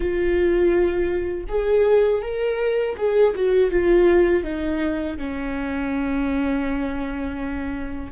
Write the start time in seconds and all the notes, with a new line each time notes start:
0.00 F4
1.48 G#4
2.22 A#4
2.97 G#4
3.35 F#4
3.70 F4
4.43 D#4
5.17 C#4